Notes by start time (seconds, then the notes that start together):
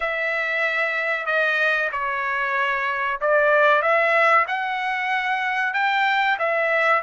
0.00 E5
1.26 D#5
1.92 C#5
3.20 D5
3.82 E5
4.47 F#5
5.73 G5
6.38 E5